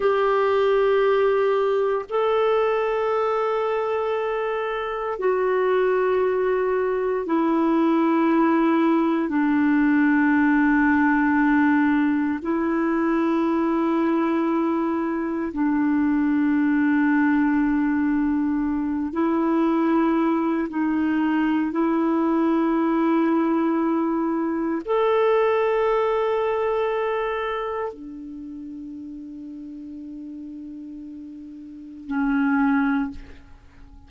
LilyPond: \new Staff \with { instrumentName = "clarinet" } { \time 4/4 \tempo 4 = 58 g'2 a'2~ | a'4 fis'2 e'4~ | e'4 d'2. | e'2. d'4~ |
d'2~ d'8 e'4. | dis'4 e'2. | a'2. d'4~ | d'2. cis'4 | }